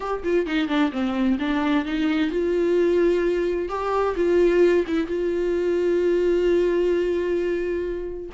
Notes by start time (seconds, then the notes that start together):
0.00 G4
0.23 F4
0.46 D#4
0.68 D4
0.91 C4
1.39 D4
1.85 D#4
2.30 F4
3.69 G4
4.16 F4
4.87 E4
5.06 F4